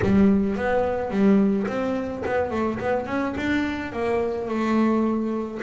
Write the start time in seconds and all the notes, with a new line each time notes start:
0.02 G3
0.56 B3
1.10 G3
1.67 C4
2.25 B3
2.50 A3
2.79 B3
3.06 C#4
3.37 D4
3.92 A#3
4.48 A3